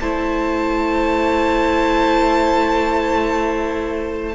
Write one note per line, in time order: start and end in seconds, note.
0.00 4.35 A3
0.00 4.35 E4
0.00 4.35 C5
0.00 4.35 A5